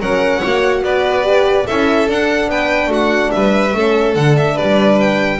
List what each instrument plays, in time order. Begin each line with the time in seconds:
0.00 double bass F#3, horn C#4, violin A#4 F#5
0.39 double bass A#3, horn F#4, violin C#5
0.82 double bass B3, violin B4 D5
1.23 horn G4
1.66 double bass C#4, horn E4, violin A4 E5
2.07 horn D4, double bass D4, violin F#5
2.48 double bass B3, violin B4 G5
2.88 double bass A3, violin F#4 F#5
3.31 double bass G3, violin B4 E5
3.74 double bass A3, horn C#4, violin A4
4.15 double bass D3, horn D4, violin F#5
4.37 violin E5
4.55 violin B4 D5
4.62 double bass G3
5.01 violin G5